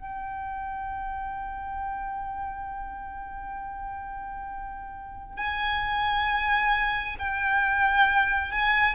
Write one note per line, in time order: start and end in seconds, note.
0.00 5.37 G5
5.37 7.16 G#5
7.19 8.52 G5
8.52 8.95 G#5